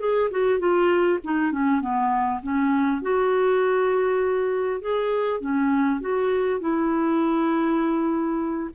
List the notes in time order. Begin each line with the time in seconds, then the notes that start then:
0.00 G#4
0.31 F#4
0.59 F4
1.24 D#4
1.52 C#4
1.81 B3
2.43 C#4
3.02 F#4
4.81 G#4
5.41 C#4
6.01 F#4
6.60 E4